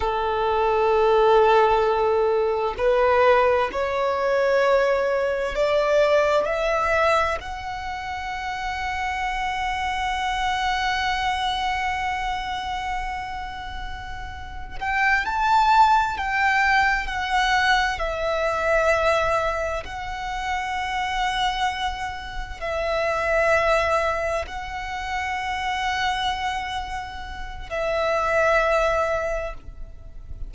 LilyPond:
\new Staff \with { instrumentName = "violin" } { \time 4/4 \tempo 4 = 65 a'2. b'4 | cis''2 d''4 e''4 | fis''1~ | fis''1 |
g''8 a''4 g''4 fis''4 e''8~ | e''4. fis''2~ fis''8~ | fis''8 e''2 fis''4.~ | fis''2 e''2 | }